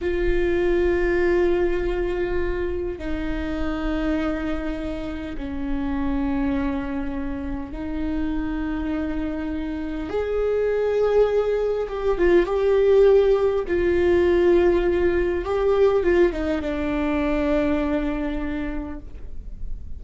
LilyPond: \new Staff \with { instrumentName = "viola" } { \time 4/4 \tempo 4 = 101 f'1~ | f'4 dis'2.~ | dis'4 cis'2.~ | cis'4 dis'2.~ |
dis'4 gis'2. | g'8 f'8 g'2 f'4~ | f'2 g'4 f'8 dis'8 | d'1 | }